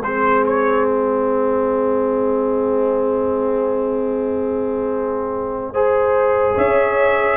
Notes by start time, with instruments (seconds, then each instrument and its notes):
0.00 tuba G#3, trombone C4, horn G#4, trumpet C5
0.46 trumpet C#5
0.87 trumpet D#5
5.72 trombone G#4, horn C5
6.54 tuba C#4, horn C#5, trumpet E5